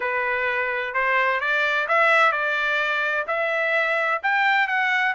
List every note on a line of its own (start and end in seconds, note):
0.00 0.94 B4
0.94 1.40 C5
1.40 1.87 D5
1.87 2.32 E5
2.32 3.26 D5
3.27 4.21 E5
4.22 4.67 G5
4.67 5.14 F#5